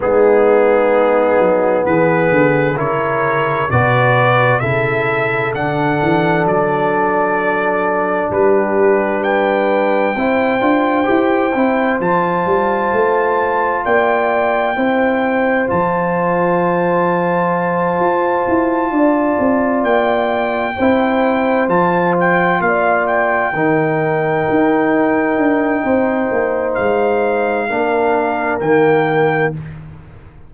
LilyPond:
<<
  \new Staff \with { instrumentName = "trumpet" } { \time 4/4 \tempo 4 = 65 gis'2 b'4 cis''4 | d''4 e''4 fis''4 d''4~ | d''4 b'4 g''2~ | g''4 a''2 g''4~ |
g''4 a''2.~ | a''4. g''2 a''8 | g''8 f''8 g''2.~ | g''4 f''2 g''4 | }
  \new Staff \with { instrumentName = "horn" } { \time 4/4 dis'2 gis'4 ais'4 | b'4 a'2.~ | a'4 g'4 b'4 c''4~ | c''2. d''4 |
c''1~ | c''8 d''2 c''4.~ | c''8 d''4 ais'2~ ais'8 | c''2 ais'2 | }
  \new Staff \with { instrumentName = "trombone" } { \time 4/4 b2. e'4 | fis'4 e'4 d'2~ | d'2. e'8 f'8 | g'8 e'8 f'2. |
e'4 f'2.~ | f'2~ f'8 e'4 f'8~ | f'4. dis'2~ dis'8~ | dis'2 d'4 ais4 | }
  \new Staff \with { instrumentName = "tuba" } { \time 4/4 gis4. fis8 e8 d8 cis4 | b,4 cis4 d8 e8 fis4~ | fis4 g2 c'8 d'8 | e'8 c'8 f8 g8 a4 ais4 |
c'4 f2~ f8 f'8 | e'8 d'8 c'8 ais4 c'4 f8~ | f8 ais4 dis4 dis'4 d'8 | c'8 ais8 gis4 ais4 dis4 | }
>>